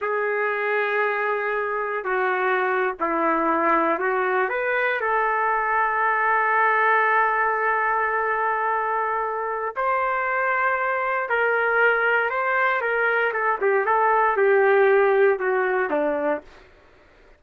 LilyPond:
\new Staff \with { instrumentName = "trumpet" } { \time 4/4 \tempo 4 = 117 gis'1 | fis'4.~ fis'16 e'2 fis'16~ | fis'8. b'4 a'2~ a'16~ | a'1~ |
a'2. c''4~ | c''2 ais'2 | c''4 ais'4 a'8 g'8 a'4 | g'2 fis'4 d'4 | }